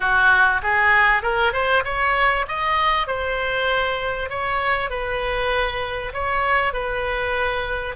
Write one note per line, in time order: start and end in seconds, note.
0.00 0.61 F#4
0.62 1.22 G#4
1.22 1.53 A#4
1.53 1.83 C5
1.84 2.45 C#5
2.48 3.07 D#5
3.07 4.29 C5
4.29 4.90 C#5
4.90 6.12 B4
6.13 6.73 C#5
6.73 7.95 B4